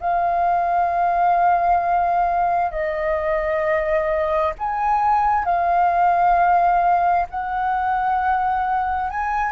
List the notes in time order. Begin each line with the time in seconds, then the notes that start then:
0.00 F5
2.71 D#5
4.58 G#5
5.45 F5
7.30 F#5
9.10 G#5